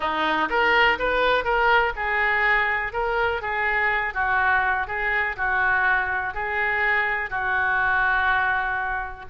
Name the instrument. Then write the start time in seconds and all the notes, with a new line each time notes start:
oboe
0.00 D#4
0.49 A#4
0.98 B4
1.44 A#4
1.96 G#4
2.93 A#4
3.41 G#4
4.14 F#4
4.87 G#4
5.36 F#4
6.34 G#4
7.30 F#4